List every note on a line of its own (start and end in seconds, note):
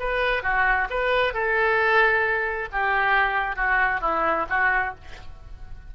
0.00 0.43 B4
0.43 0.88 F#4
0.90 1.34 B4
1.34 2.69 A4
2.73 3.57 G4
3.57 4.01 F#4
4.01 4.46 E4
4.50 4.95 F#4